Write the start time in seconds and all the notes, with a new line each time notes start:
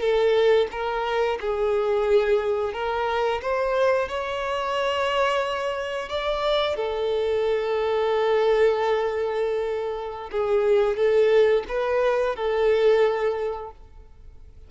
0.00 A4
0.71 A#4
1.40 G#4
2.73 A#4
3.42 C5
4.08 C#5
6.09 D5
6.76 A4
10.31 G#4
10.96 A4
11.68 B4
12.36 A4